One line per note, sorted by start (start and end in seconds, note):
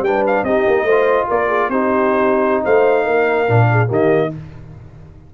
0.00 0.42 G3
0.00 0.46 D4
0.00 0.45 B4
0.00 0.24 G5
0.26 0.44 F5
0.43 0.64 C4
0.43 0.87 D#4
0.43 0.85 G4
0.43 1.27 D#5
0.67 0.82 A#3
0.82 1.24 A3
0.82 1.27 C5
0.90 1.71 F4
1.27 1.68 A#3
1.27 1.47 A#4
1.27 1.70 D5
1.47 1.68 G#4
1.68 2.62 C4
1.68 3.47 D#4
1.68 2.63 G4
1.68 2.63 C5
2.63 3.07 A3
2.63 3.04 C5
2.63 3.89 F5
3.04 3.48 A#3
3.04 3.66 A#4
3.47 3.90 A#2
3.47 3.87 D4
3.70 3.88 G#4
3.87 4.32 D#3
3.87 4.29 A#3
3.87 4.30 G4
3.87 4.34 D#5